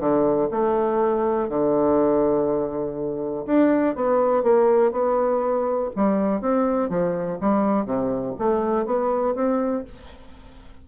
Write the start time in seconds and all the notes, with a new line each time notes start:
0.00 D3
0.51 A3
1.49 D3
3.46 D4
3.95 B3
4.43 A#3
4.92 B3
5.96 G3
6.41 C4
6.89 F3
7.41 G3
7.85 C3
8.39 A3
8.86 B3
9.35 C4